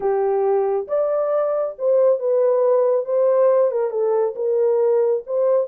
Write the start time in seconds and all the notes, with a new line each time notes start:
0.00 G4
0.87 D5
1.78 C5
2.19 B4
3.05 C5
3.71 A#4
3.90 A4
4.35 A#4
5.26 C5